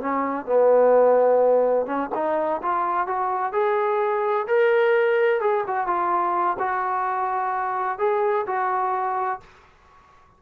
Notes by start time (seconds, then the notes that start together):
0.00 C#4
0.45 B3
1.86 C#4
2.14 D#4
2.62 F4
3.06 F#4
3.52 G#4
4.47 A#4
5.40 G#4
5.66 F#4
5.86 F4
6.59 F#4
7.98 G#4
8.46 F#4